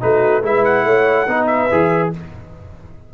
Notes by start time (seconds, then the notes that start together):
0.00 A3 D#4 F#4 B4
0.42 G#3 E4 B4 E5
0.64 F#5
0.84 A3 C#5
1.27 B3 D#4 B4
1.46 E5
1.71 E3 G#4